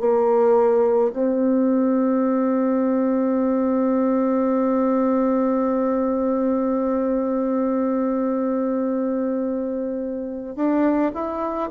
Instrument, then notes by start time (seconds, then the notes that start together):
bassoon
0.00 A#3
1.14 C4
10.56 D4
11.14 E4